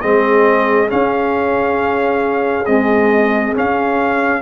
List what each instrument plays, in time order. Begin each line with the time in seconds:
0.00 tuba G#3, trombone C4, horn G#4, trumpet D#5
0.88 trombone C#4, tuba C#4, trumpet F5
2.66 trombone G#3, tuba C4, trumpet D#5
3.54 trombone C#4, tuba C#4, trumpet F5